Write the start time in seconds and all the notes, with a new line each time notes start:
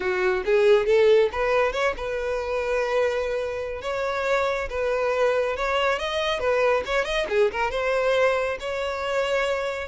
0.00 F#4
0.45 G#4
0.86 A4
1.31 B4
1.72 C#5
1.97 B4
3.81 C#5
4.69 B4
5.56 C#5
5.98 D#5
6.39 B4
6.85 C#5
7.04 D#5
7.29 G#4
7.51 A#4
7.71 C5
8.60 C#5